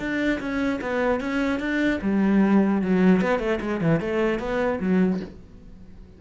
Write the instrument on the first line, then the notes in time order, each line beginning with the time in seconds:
cello
0.00 D4
0.40 C#4
0.82 B3
1.21 C#4
1.60 D4
2.02 G3
2.82 F#3
3.22 B3
3.39 A3
3.61 G#3
3.81 E3
4.01 A3
4.40 B3
4.80 F#3